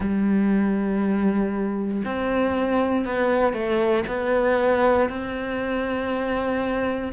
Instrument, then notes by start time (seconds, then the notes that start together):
cello
0.00 G3
2.04 C4
3.05 B3
3.53 A3
4.07 B3
5.09 C4